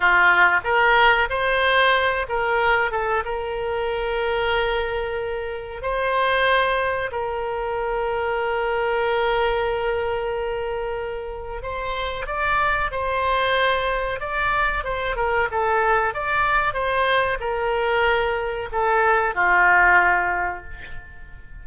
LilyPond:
\new Staff \with { instrumentName = "oboe" } { \time 4/4 \tempo 4 = 93 f'4 ais'4 c''4. ais'8~ | ais'8 a'8 ais'2.~ | ais'4 c''2 ais'4~ | ais'1~ |
ais'2 c''4 d''4 | c''2 d''4 c''8 ais'8 | a'4 d''4 c''4 ais'4~ | ais'4 a'4 f'2 | }